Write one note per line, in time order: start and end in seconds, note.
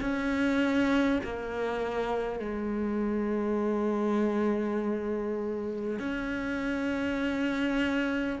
0.00 1.20 C#4
1.23 2.39 A#3
2.39 5.99 G#3
5.99 8.39 C#4